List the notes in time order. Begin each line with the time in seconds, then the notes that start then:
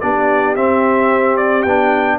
0.00 B3 D4 G4 D5
0.55 C4 E5
1.36 D5
1.62 B3 D4 G5